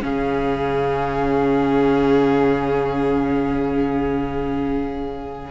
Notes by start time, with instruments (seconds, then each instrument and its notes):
0.00 cello C#3, viola C#4, violin G#4 F5